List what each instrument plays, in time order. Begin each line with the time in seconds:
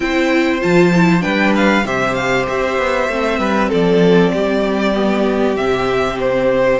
0.00 cello C4, viola E4, violin C5 G5
0.60 cello F3, viola F4, violin A5
0.94 viola E4
1.20 cello G3, viola D4, violin B4 G5
1.55 violin F5
1.84 cello C3, viola G4, violin C5 E5
2.14 violin F5
2.47 cello C4, violin E5
2.77 cello B3
3.08 cello A3, viola C4
3.38 cello G3, violin B4
3.69 cello F3, violin A4 D5
4.33 cello G3, violin G4
4.94 viola B3
5.56 cello C3, viola C4, violin E5
6.20 violin C5